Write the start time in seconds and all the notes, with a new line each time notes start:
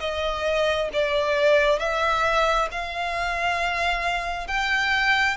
0.00 D#5
0.93 D5
1.80 E5
2.72 F5
4.48 G5